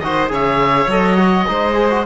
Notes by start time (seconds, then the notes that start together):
0.00 D#3 F#4 C5 D#5
0.29 C#3 G#4 C#5 E5
0.87 F#3 A4 D#5
1.17 F#4
1.48 G#3 D#4 C5
1.74 G#4
1.90 F#4